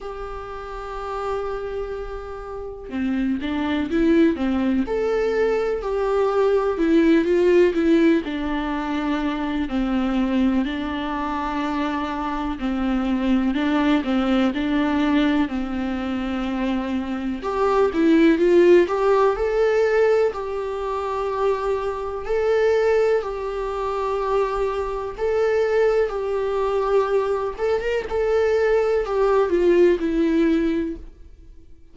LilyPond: \new Staff \with { instrumentName = "viola" } { \time 4/4 \tempo 4 = 62 g'2. c'8 d'8 | e'8 c'8 a'4 g'4 e'8 f'8 | e'8 d'4. c'4 d'4~ | d'4 c'4 d'8 c'8 d'4 |
c'2 g'8 e'8 f'8 g'8 | a'4 g'2 a'4 | g'2 a'4 g'4~ | g'8 a'16 ais'16 a'4 g'8 f'8 e'4 | }